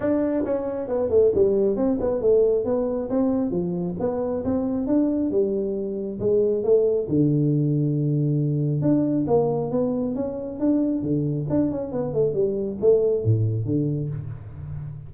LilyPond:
\new Staff \with { instrumentName = "tuba" } { \time 4/4 \tempo 4 = 136 d'4 cis'4 b8 a8 g4 | c'8 b8 a4 b4 c'4 | f4 b4 c'4 d'4 | g2 gis4 a4 |
d1 | d'4 ais4 b4 cis'4 | d'4 d4 d'8 cis'8 b8 a8 | g4 a4 a,4 d4 | }